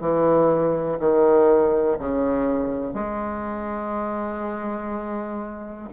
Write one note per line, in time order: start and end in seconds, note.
0.00 0.98 E3
0.99 1.97 D#3
1.99 2.93 C#3
2.93 5.88 G#3